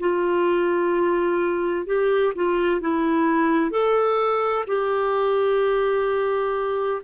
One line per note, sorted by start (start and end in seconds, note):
0.00 1.87 F4
1.87 2.34 G4
2.36 2.81 F4
2.81 3.71 E4
3.71 4.65 A4
4.67 7.02 G4